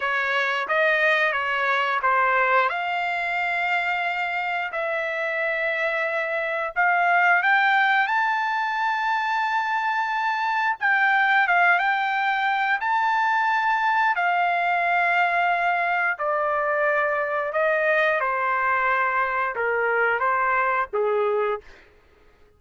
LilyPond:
\new Staff \with { instrumentName = "trumpet" } { \time 4/4 \tempo 4 = 89 cis''4 dis''4 cis''4 c''4 | f''2. e''4~ | e''2 f''4 g''4 | a''1 |
g''4 f''8 g''4. a''4~ | a''4 f''2. | d''2 dis''4 c''4~ | c''4 ais'4 c''4 gis'4 | }